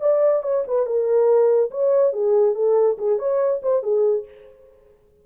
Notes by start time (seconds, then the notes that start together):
0.00 D5
0.43 C#5
0.67 B4
0.85 A#4
1.70 C#5
2.12 G#4
2.54 A4
2.98 G#4
3.18 C#5
3.62 C5
3.82 G#4